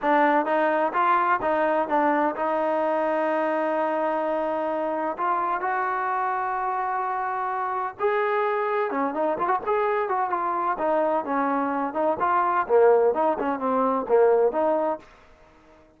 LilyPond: \new Staff \with { instrumentName = "trombone" } { \time 4/4 \tempo 4 = 128 d'4 dis'4 f'4 dis'4 | d'4 dis'2.~ | dis'2. f'4 | fis'1~ |
fis'4 gis'2 cis'8 dis'8 | f'16 fis'16 gis'4 fis'8 f'4 dis'4 | cis'4. dis'8 f'4 ais4 | dis'8 cis'8 c'4 ais4 dis'4 | }